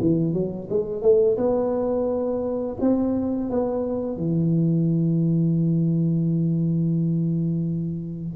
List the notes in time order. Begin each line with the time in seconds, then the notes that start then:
0.00 E3
0.33 F#3
0.69 G#3
1.01 A3
1.37 B3
2.80 C4
3.49 B3
4.16 E3